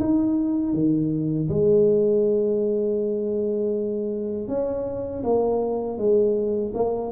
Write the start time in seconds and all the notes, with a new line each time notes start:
0.00 D#4
0.74 D#3
1.49 G#3
4.48 C#4
5.24 A#3
5.98 G#3
6.74 A#3